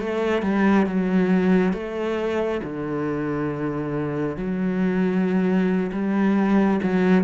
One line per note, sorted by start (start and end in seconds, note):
0.00 0.43 A3
0.43 0.87 G3
0.87 1.73 F#3
1.73 2.61 A3
2.64 4.37 D3
4.37 5.92 F#3
5.93 6.81 G3
6.83 7.24 F#3